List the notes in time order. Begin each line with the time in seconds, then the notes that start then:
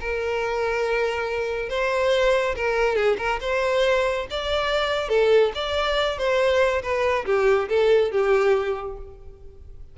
0.00 A#4
1.69 C5
2.55 A#4
2.96 G#4
3.18 A#4
3.41 C5
4.31 D5
5.09 A4
5.55 D5
6.18 C5
6.82 B4
7.26 G4
7.69 A4
8.12 G4